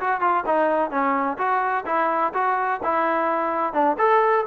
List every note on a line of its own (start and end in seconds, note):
0.00 0.20 F#4
0.20 0.43 F4
0.46 0.90 D#4
0.90 1.37 C#4
1.38 1.85 F#4
1.86 2.32 E4
2.34 2.80 F#4
2.83 3.73 E4
3.73 3.96 D4
3.98 4.45 A4